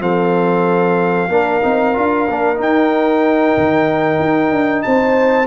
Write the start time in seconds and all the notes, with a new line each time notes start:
0.00 F3 C4 A4 F5
1.29 A#3 D4 A#4
1.62 C4 D#4
1.94 D4 F4
2.28 A#3 D4
2.55 D#4
2.62 G5
3.57 D#3
4.19 D#4
4.52 D4
4.83 C4 C5 A5